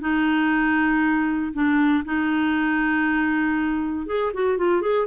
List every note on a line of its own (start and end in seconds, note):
0.00 1.53 D#4
1.53 2.04 D4
2.04 4.06 D#4
4.06 4.32 G#4
4.33 4.57 F#4
4.57 4.81 F4
4.81 5.06 G#4